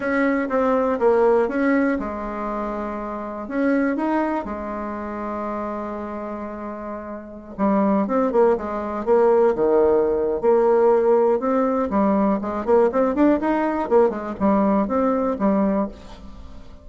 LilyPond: \new Staff \with { instrumentName = "bassoon" } { \time 4/4 \tempo 4 = 121 cis'4 c'4 ais4 cis'4 | gis2. cis'4 | dis'4 gis2.~ | gis2.~ gis16 g8.~ |
g16 c'8 ais8 gis4 ais4 dis8.~ | dis4 ais2 c'4 | g4 gis8 ais8 c'8 d'8 dis'4 | ais8 gis8 g4 c'4 g4 | }